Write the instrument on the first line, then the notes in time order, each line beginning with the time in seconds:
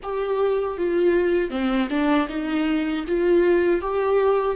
viola
0.02 G4
0.77 F4
1.50 C4
1.90 D4
2.29 D#4
3.07 F4
3.81 G4